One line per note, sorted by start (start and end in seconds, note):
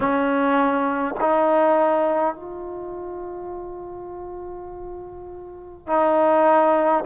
0.00 1.14 C#4
1.20 2.35 D#4
2.35 5.87 F4
5.87 7.04 D#4